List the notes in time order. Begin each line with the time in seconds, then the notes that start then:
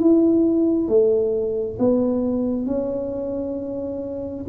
0.00 E4
0.88 A3
1.79 B3
2.67 C#4